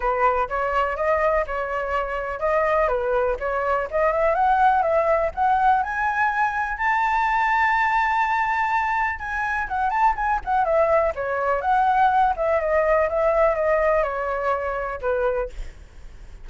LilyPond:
\new Staff \with { instrumentName = "flute" } { \time 4/4 \tempo 4 = 124 b'4 cis''4 dis''4 cis''4~ | cis''4 dis''4 b'4 cis''4 | dis''8 e''8 fis''4 e''4 fis''4 | gis''2 a''2~ |
a''2. gis''4 | fis''8 a''8 gis''8 fis''8 e''4 cis''4 | fis''4. e''8 dis''4 e''4 | dis''4 cis''2 b'4 | }